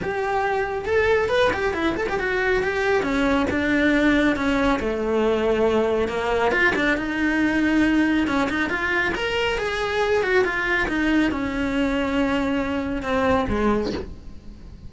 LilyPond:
\new Staff \with { instrumentName = "cello" } { \time 4/4 \tempo 4 = 138 g'2 a'4 b'8 g'8 | e'8 a'16 g'16 fis'4 g'4 cis'4 | d'2 cis'4 a4~ | a2 ais4 f'8 d'8 |
dis'2. cis'8 dis'8 | f'4 ais'4 gis'4. fis'8 | f'4 dis'4 cis'2~ | cis'2 c'4 gis4 | }